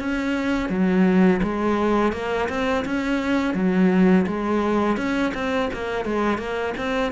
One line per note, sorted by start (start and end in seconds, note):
0.00 0.70 C#4
0.70 1.41 F#3
1.43 2.13 G#3
2.13 2.49 A#3
2.49 2.85 C4
2.85 3.55 C#4
3.55 4.26 F#3
4.27 4.97 G#3
4.97 5.33 C#4
5.35 5.70 C4
5.74 6.06 A#3
6.06 6.39 G#3
6.39 6.74 A#3
6.78 7.13 C4